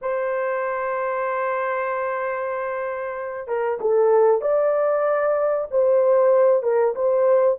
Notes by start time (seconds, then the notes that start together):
0.01 C5
3.47 A#4
3.80 A4
4.41 D5
5.70 C5
6.63 A#4
6.95 C5